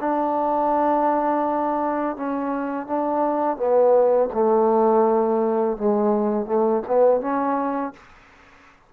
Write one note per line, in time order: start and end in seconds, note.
0.00 2.17 D4
2.17 2.87 C#4
2.87 3.57 D4
3.57 4.29 B3
4.33 5.77 A3
5.77 6.46 G#3
6.46 6.82 A3
6.87 7.21 B3
7.21 7.94 C#4